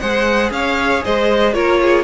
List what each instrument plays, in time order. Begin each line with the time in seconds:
0.00 cello G#3, viola G#4, violin C5 F#5
0.51 cello C#4, violin C#5 F5
1.05 cello G#3, violin C5 D#5
1.54 cello A#3, viola F4, violin A#4 C#5
1.82 violin G#4